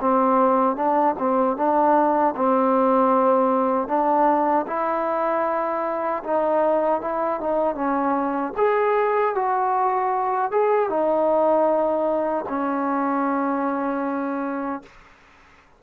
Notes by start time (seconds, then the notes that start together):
0.00 C4
0.76 D4
1.18 C4
1.56 D4
2.36 C4
3.87 D4
4.67 E4
6.23 D#4
7.01 E4
7.40 D#4
7.75 C#4
8.57 G#4
9.35 F#4
10.51 G#4
10.89 D#4
12.49 C#4